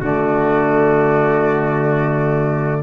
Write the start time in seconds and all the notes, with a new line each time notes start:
0.00 D3 A3 F#4 D5